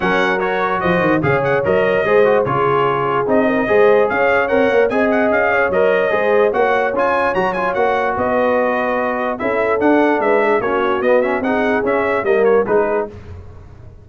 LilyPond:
<<
  \new Staff \with { instrumentName = "trumpet" } { \time 4/4 \tempo 4 = 147 fis''4 cis''4 dis''4 f''8 fis''8 | dis''2 cis''2 | dis''2 f''4 fis''4 | gis''8 fis''8 f''4 dis''2 |
fis''4 gis''4 ais''8 gis''8 fis''4 | dis''2. e''4 | fis''4 e''4 cis''4 dis''8 e''8 | fis''4 e''4 dis''8 cis''8 b'4 | }
  \new Staff \with { instrumentName = "horn" } { \time 4/4 ais'2 c''4 cis''4~ | cis''4 c''4 gis'2~ | gis'8 ais'8 c''4 cis''2 | dis''4. cis''4. c''4 |
cis''1 | b'2. a'4~ | a'4 b'8 gis'8 fis'2 | gis'2 ais'4 gis'4 | }
  \new Staff \with { instrumentName = "trombone" } { \time 4/4 cis'4 fis'2 gis'4 | ais'4 gis'8 fis'8 f'2 | dis'4 gis'2 ais'4 | gis'2 ais'4 gis'4 |
fis'4 f'4 fis'8 f'8 fis'4~ | fis'2. e'4 | d'2 cis'4 b8 cis'8 | dis'4 cis'4 ais4 dis'4 | }
  \new Staff \with { instrumentName = "tuba" } { \time 4/4 fis2 f8 dis8 cis4 | fis4 gis4 cis2 | c'4 gis4 cis'4 c'8 ais8 | c'4 cis'4 fis4 gis4 |
ais4 cis'4 fis4 ais4 | b2. cis'4 | d'4 gis4 ais4 b4 | c'4 cis'4 g4 gis4 | }
>>